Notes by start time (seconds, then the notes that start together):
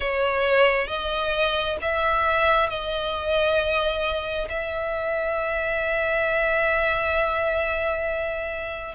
0.00 C#5
0.87 D#5
1.82 E5
2.69 D#5
4.49 E5